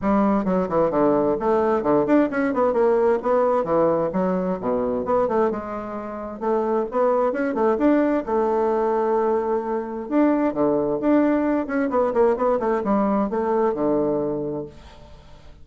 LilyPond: \new Staff \with { instrumentName = "bassoon" } { \time 4/4 \tempo 4 = 131 g4 fis8 e8 d4 a4 | d8 d'8 cis'8 b8 ais4 b4 | e4 fis4 b,4 b8 a8 | gis2 a4 b4 |
cis'8 a8 d'4 a2~ | a2 d'4 d4 | d'4. cis'8 b8 ais8 b8 a8 | g4 a4 d2 | }